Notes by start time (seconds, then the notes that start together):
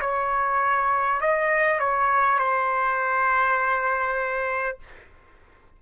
0.00 C#5
1.21 D#5
1.79 C#5
2.38 C5